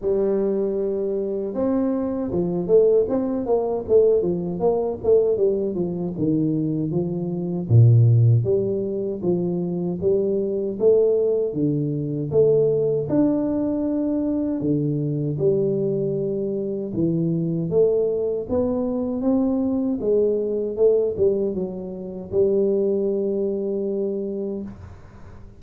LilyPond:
\new Staff \with { instrumentName = "tuba" } { \time 4/4 \tempo 4 = 78 g2 c'4 f8 a8 | c'8 ais8 a8 f8 ais8 a8 g8 f8 | dis4 f4 ais,4 g4 | f4 g4 a4 d4 |
a4 d'2 d4 | g2 e4 a4 | b4 c'4 gis4 a8 g8 | fis4 g2. | }